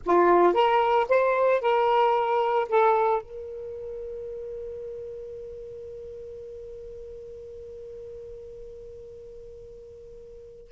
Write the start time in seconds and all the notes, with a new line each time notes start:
0.05 F4
0.53 A#4
1.09 C5
1.61 A#4
2.69 A4
3.22 A#4